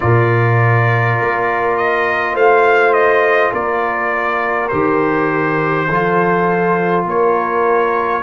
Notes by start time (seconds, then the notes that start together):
0.00 A#2 F4 A#4 D5
1.21 A#3
1.76 D#5
2.33 A3 C5 F5
2.93 D#5
3.52 A#3 A#4 D5
4.68 D#3 G4 C5
5.88 F3 F4 A4
7.05 A#3 A#4 C#5